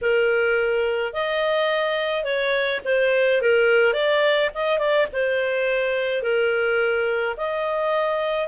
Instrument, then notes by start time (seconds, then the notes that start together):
clarinet
0.01 A#4
1.13 D#5
2.24 C#5
2.85 C5
3.41 A#4
3.93 D5
4.54 D#5
4.78 D5
5.13 C5
6.22 A#4
7.37 D#5